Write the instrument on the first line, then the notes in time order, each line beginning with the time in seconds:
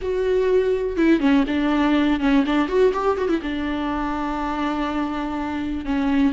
viola
0.01 F#4
0.96 E4
1.20 C#4
1.47 D4
2.20 C#4
2.46 D4
2.68 F#4
2.93 G4
3.17 F#4
3.28 E4
3.41 D4
5.85 C#4